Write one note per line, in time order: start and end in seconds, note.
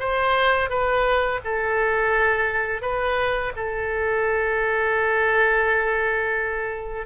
0.00 0.70 C5
0.70 1.40 B4
1.45 2.82 A4
2.82 3.53 B4
3.56 7.07 A4